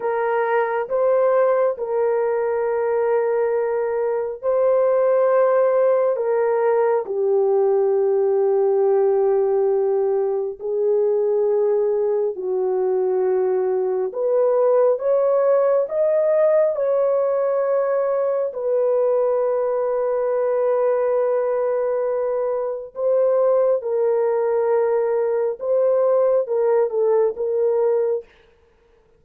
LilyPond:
\new Staff \with { instrumentName = "horn" } { \time 4/4 \tempo 4 = 68 ais'4 c''4 ais'2~ | ais'4 c''2 ais'4 | g'1 | gis'2 fis'2 |
b'4 cis''4 dis''4 cis''4~ | cis''4 b'2.~ | b'2 c''4 ais'4~ | ais'4 c''4 ais'8 a'8 ais'4 | }